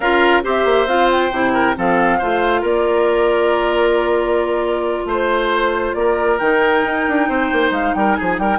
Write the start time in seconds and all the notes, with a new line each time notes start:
0.00 C#4 F4 A#4 F5
0.43 C4 G4 C5 E5
0.64 A#3
0.86 C4 F4 F5
1.10 G5
1.31 C3 E4
1.53 A#4
1.75 F3 C4 A4 F5
2.18 A3 F4 C5
2.61 A#3 A#4 D5
5.05 A3 C5
5.94 A#3 A#4 D5
6.38 D#3 D#4 G5
6.84 D#4
7.08 D4
7.28 C4 C5
7.52 A#3
7.70 G#3 F5
7.94 G3 A#4 G5
8.15 F3 G#4 G#5
8.38 G3 A#4 G5